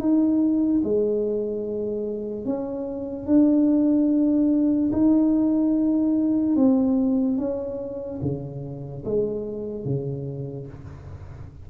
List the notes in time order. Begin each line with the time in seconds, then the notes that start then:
0.00 D#4
0.84 G#3
2.45 C#4
3.27 D4
4.93 D#4
6.56 C4
7.38 C#4
8.22 C#3
9.05 G#3
9.85 C#3